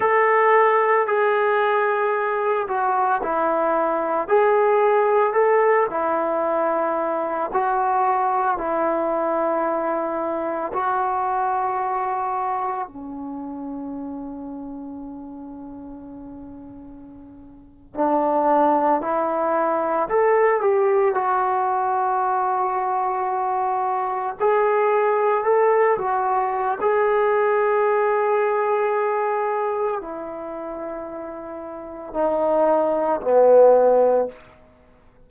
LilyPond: \new Staff \with { instrumentName = "trombone" } { \time 4/4 \tempo 4 = 56 a'4 gis'4. fis'8 e'4 | gis'4 a'8 e'4. fis'4 | e'2 fis'2 | cis'1~ |
cis'8. d'4 e'4 a'8 g'8 fis'16~ | fis'2~ fis'8. gis'4 a'16~ | a'16 fis'8. gis'2. | e'2 dis'4 b4 | }